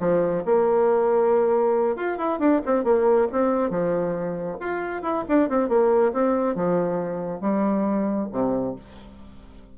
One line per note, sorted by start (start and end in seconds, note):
0.00 0.44 F3
0.46 1.96 A#3
1.96 2.18 F4
2.18 2.39 E4
2.39 2.61 D4
2.66 2.84 C4
2.84 3.28 A#3
3.32 3.70 C4
3.70 4.58 F3
4.60 5.03 F4
5.03 5.25 E4
5.29 5.49 D4
5.49 5.69 C4
5.69 6.13 A#3
6.13 6.55 C4
6.55 7.41 F3
7.41 8.29 G3
8.32 8.76 C3